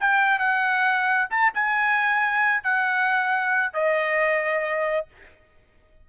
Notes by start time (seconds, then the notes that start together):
0.00 G5
0.39 F#5
1.30 A5
1.54 G#5
2.63 F#5
3.73 D#5